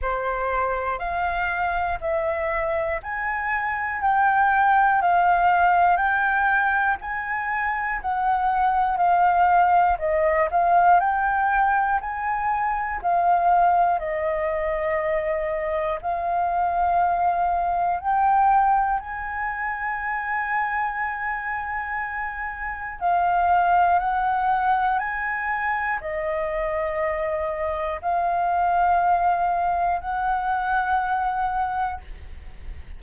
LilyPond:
\new Staff \with { instrumentName = "flute" } { \time 4/4 \tempo 4 = 60 c''4 f''4 e''4 gis''4 | g''4 f''4 g''4 gis''4 | fis''4 f''4 dis''8 f''8 g''4 | gis''4 f''4 dis''2 |
f''2 g''4 gis''4~ | gis''2. f''4 | fis''4 gis''4 dis''2 | f''2 fis''2 | }